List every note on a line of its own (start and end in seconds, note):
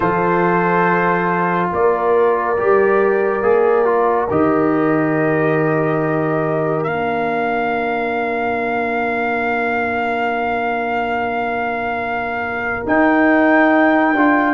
0.00 1.70 F3
0.00 2.56 F4
0.00 1.71 A4
0.00 1.69 C5
1.72 2.58 A#3
1.72 14.54 A#4
1.72 4.29 D5
2.57 3.42 G3
2.57 3.42 G4
3.42 4.27 A#3
3.42 3.85 G#4
3.85 4.27 F4
4.29 6.85 D#3
4.29 6.87 G4
4.29 6.83 D#5
6.83 12.85 A#3
6.83 12.86 D4
6.83 12.83 F5
12.86 14.15 D#4
12.86 14.14 D#4
12.86 14.54 G5
14.14 14.54 D4
14.14 14.54 F4